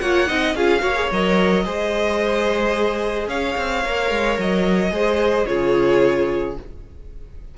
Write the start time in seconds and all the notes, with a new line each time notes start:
0.00 A#3 F4 C#5 F#5
0.27 C4 D#4 D#5
0.55 C#4 F4 G#4 F5
0.80 A#3 F#4 C#5
0.95 G#4
1.12 F#3 A#4 D#5
1.64 G#3 G#4 C5
3.27 C#4 C#5 F5
3.57 C4
3.85 A#3 A#4
4.11 G#3
4.39 F#3 D#5
4.91 G#3 G#4 C5
5.46 C#3 F4 G#4 C#5